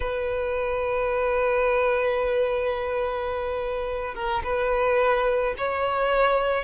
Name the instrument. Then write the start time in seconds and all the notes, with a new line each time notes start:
violin
0.00 B4
4.14 A#4
4.43 B4
5.57 C#5